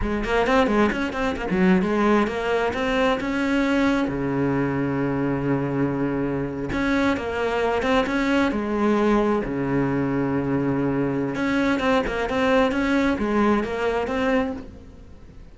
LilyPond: \new Staff \with { instrumentName = "cello" } { \time 4/4 \tempo 4 = 132 gis8 ais8 c'8 gis8 cis'8 c'8 ais16 fis8. | gis4 ais4 c'4 cis'4~ | cis'4 cis2.~ | cis2~ cis8. cis'4 ais16~ |
ais4~ ais16 c'8 cis'4 gis4~ gis16~ | gis8. cis2.~ cis16~ | cis4 cis'4 c'8 ais8 c'4 | cis'4 gis4 ais4 c'4 | }